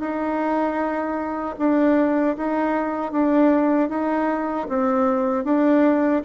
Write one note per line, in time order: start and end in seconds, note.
0.00 1.56 D#4
1.59 2.37 D4
2.37 3.12 D#4
3.12 3.89 D4
3.89 4.67 D#4
4.69 5.45 C4
5.45 6.23 D4